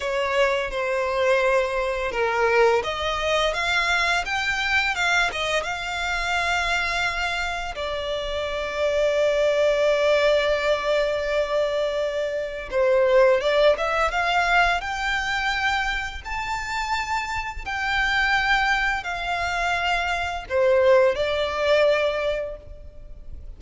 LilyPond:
\new Staff \with { instrumentName = "violin" } { \time 4/4 \tempo 4 = 85 cis''4 c''2 ais'4 | dis''4 f''4 g''4 f''8 dis''8 | f''2. d''4~ | d''1~ |
d''2 c''4 d''8 e''8 | f''4 g''2 a''4~ | a''4 g''2 f''4~ | f''4 c''4 d''2 | }